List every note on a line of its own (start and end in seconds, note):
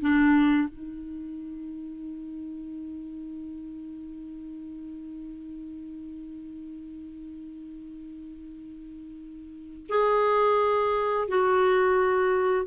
0.00 0.69 D4
0.69 9.86 D#4
9.89 11.28 G#4
11.28 12.66 F#4